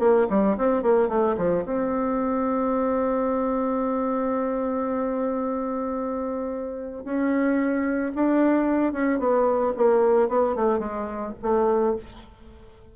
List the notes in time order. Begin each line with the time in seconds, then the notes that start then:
0.00 A#3
0.30 G3
0.58 C4
0.83 A#3
1.09 A3
1.38 F3
1.65 C4
7.05 C#4
8.15 D4
8.93 C#4
9.19 B3
9.77 A#3
10.29 B3
10.56 A3
10.79 G#3
11.43 A3